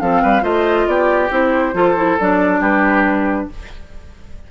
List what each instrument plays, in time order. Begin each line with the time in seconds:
0.00 bassoon F3, clarinet C4, oboe A4, flute F5
0.22 bassoon G3, oboe B4
0.41 bassoon A3, clarinet F4, oboe C5, flute D#5
0.86 bassoon B3, oboe G4, flute D5
1.30 bassoon C4, clarinet E4, flute C5
1.73 bassoon F3, clarinet F4, oboe A4
1.96 clarinet E4
2.20 bassoon F#3, clarinet D4, flute D5
2.60 bassoon G3, oboe G4, flute B4